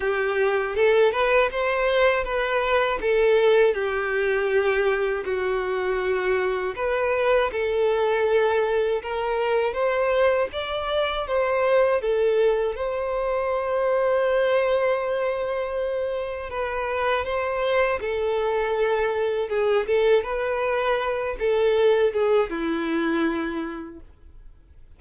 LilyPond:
\new Staff \with { instrumentName = "violin" } { \time 4/4 \tempo 4 = 80 g'4 a'8 b'8 c''4 b'4 | a'4 g'2 fis'4~ | fis'4 b'4 a'2 | ais'4 c''4 d''4 c''4 |
a'4 c''2.~ | c''2 b'4 c''4 | a'2 gis'8 a'8 b'4~ | b'8 a'4 gis'8 e'2 | }